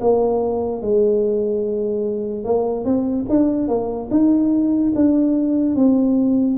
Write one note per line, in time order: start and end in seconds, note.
0.00 0.81 A#3
0.81 2.44 G#3
2.44 2.84 A#3
2.84 3.25 C4
3.29 3.68 D4
3.68 4.09 A#3
4.10 4.92 D#4
4.95 5.75 D4
5.75 6.57 C4